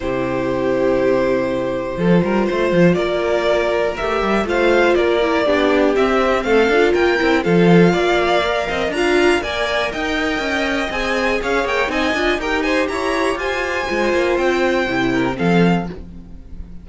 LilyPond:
<<
  \new Staff \with { instrumentName = "violin" } { \time 4/4 \tempo 4 = 121 c''1~ | c''2 d''2 | e''4 f''4 d''2 | e''4 f''4 g''4 f''4~ |
f''2 ais''4 gis''4 | g''2 gis''4 f''8 g''8 | gis''4 g''8 gis''8 ais''4 gis''4~ | gis''4 g''2 f''4 | }
  \new Staff \with { instrumentName = "violin" } { \time 4/4 g'1 | a'8 ais'8 c''4 ais'2~ | ais'4 c''4 ais'4 g'4~ | g'4 a'4 ais'4 a'4 |
d''4. dis''8 f''4 d''4 | dis''2. cis''4 | dis''4 ais'8 c''8 cis''4 c''4~ | c''2~ c''8 ais'8 a'4 | }
  \new Staff \with { instrumentName = "viola" } { \time 4/4 e'1 | f'1 | g'4 f'4. e'8 d'4 | c'4. f'4 e'8 f'4~ |
f'4 ais'4 f'4 ais'4~ | ais'2 gis'2 | dis'8 f'8 g'2. | f'2 e'4 c'4 | }
  \new Staff \with { instrumentName = "cello" } { \time 4/4 c1 | f8 g8 a8 f8 ais2 | a8 g8 a4 ais4 b4 | c'4 a8 d'8 ais8 c'8 f4 |
ais4. c'8 d'4 ais4 | dis'4 cis'4 c'4 cis'8 ais8 | c'8 d'8 dis'4 e'4 f'4 | gis8 ais8 c'4 c4 f4 | }
>>